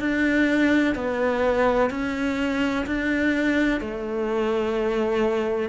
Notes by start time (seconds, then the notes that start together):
0.00 D4
0.95 B3
1.90 C#4
2.86 D4
3.81 A3